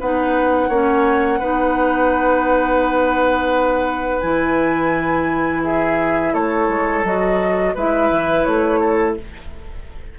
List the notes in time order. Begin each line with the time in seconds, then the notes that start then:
0.00 B3 D#4 B4 F#5
0.69 A#3 C#4 C#5
1.40 B3 D#4 B4
4.21 E3 E4 G#5
5.64 G#4 E5
6.34 A3 A4 C#5
6.69 G#3
7.04 F#3 F#4 D#5
7.75 G#3 E4 B4 E5
8.10 E3
8.44 A3 C#5
8.81 A4